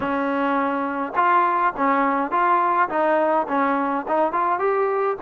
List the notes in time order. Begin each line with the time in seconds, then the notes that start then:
0.00 C#4
1.15 F4
1.76 C#4
2.31 F4
2.89 D#4
3.48 C#4
4.08 D#4
4.32 F4
4.59 G4